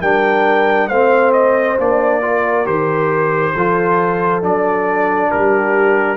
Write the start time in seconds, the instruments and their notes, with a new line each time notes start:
0.00 tuba G3, trombone D4, horn A#4, trumpet G5
0.88 tuba A3, trombone C4, horn C5, trumpet F5
1.33 trumpet D#5
1.79 tuba A#3, trombone D4, trumpet D5
2.21 trombone F4, horn A#4
2.65 tuba D#3, trombone G4, trumpet C5
3.54 tuba F3, trombone F4, horn A4
4.42 tuba F#3, trombone D4, trumpet D5
5.31 tuba G3, horn G4, trumpet A#4